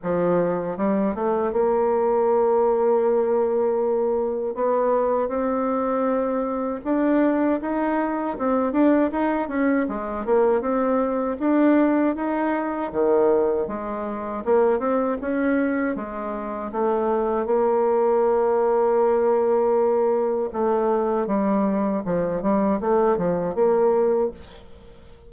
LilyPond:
\new Staff \with { instrumentName = "bassoon" } { \time 4/4 \tempo 4 = 79 f4 g8 a8 ais2~ | ais2 b4 c'4~ | c'4 d'4 dis'4 c'8 d'8 | dis'8 cis'8 gis8 ais8 c'4 d'4 |
dis'4 dis4 gis4 ais8 c'8 | cis'4 gis4 a4 ais4~ | ais2. a4 | g4 f8 g8 a8 f8 ais4 | }